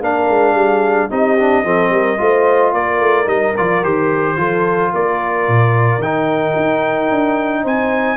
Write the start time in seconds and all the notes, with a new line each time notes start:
0.00 A#3 D4 A#4 F5
0.29 G#3
0.54 G3 G#4
1.10 C4 D#4 G4 D#5
1.38 D4
1.64 F3 C4 A4
1.90 G3 A#4
2.17 A3 F4 C5
2.72 A#3 A#4 D5
3.00 A3
3.26 G3 D#4 D#5
3.56 F3 F4 D5
3.83 D#3 G4 C5
4.36 F3 F4 A4
4.92 A#3 A#4 D5
5.47 A#2
5.98 D#3 D#4 G5
6.55 D#4
7.10 D4
7.62 C4 C5 G#5